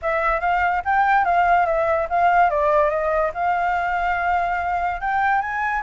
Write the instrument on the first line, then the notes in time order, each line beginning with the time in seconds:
flute
0.02 E5
0.40 F5
0.84 G5
1.24 F5
1.66 E5
2.09 F5
2.50 D5
2.89 D#5
3.34 F5
5.00 G5
5.41 G#5